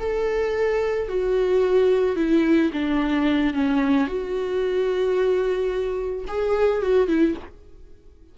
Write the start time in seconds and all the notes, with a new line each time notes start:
0.00 A4
1.09 F#4
2.17 E4
2.73 D4
3.54 C#4
4.08 F#4
6.28 G#4
6.83 F#4
7.08 E4